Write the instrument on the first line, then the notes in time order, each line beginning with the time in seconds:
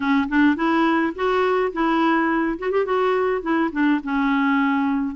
clarinet
0.00 C#4
0.29 D4
0.56 E4
1.15 F#4
1.72 E4
2.58 F#4
2.71 G4
2.85 F#4
3.41 E4
3.72 D4
4.03 C#4